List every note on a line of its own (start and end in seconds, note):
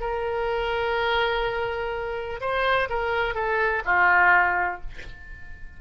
0.00 2.40 A#4
2.41 2.89 C5
2.89 3.35 A#4
3.35 3.83 A4
3.85 4.81 F4